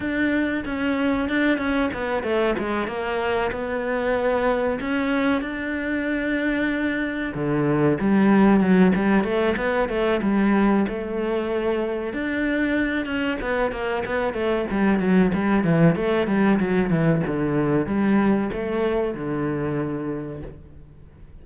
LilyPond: \new Staff \with { instrumentName = "cello" } { \time 4/4 \tempo 4 = 94 d'4 cis'4 d'8 cis'8 b8 a8 | gis8 ais4 b2 cis'8~ | cis'8 d'2. d8~ | d8 g4 fis8 g8 a8 b8 a8 |
g4 a2 d'4~ | d'8 cis'8 b8 ais8 b8 a8 g8 fis8 | g8 e8 a8 g8 fis8 e8 d4 | g4 a4 d2 | }